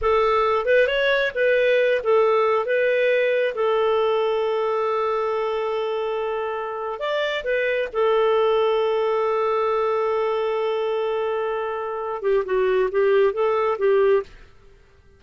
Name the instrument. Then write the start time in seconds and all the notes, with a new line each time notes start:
clarinet
0.01 A4
0.65 B4
0.87 C#5
1.35 B4
2.03 A4
2.65 B4
3.54 A4
6.99 D5
7.44 B4
7.93 A4
12.22 G4
12.45 F#4
12.91 G4
13.33 A4
13.78 G4